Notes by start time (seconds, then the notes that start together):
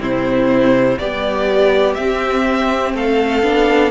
0.00 C3 C4 E4 C5
0.99 G3 B3 G4 D5
1.94 C4 E5
2.94 A3 A4 F5
3.43 B3 D4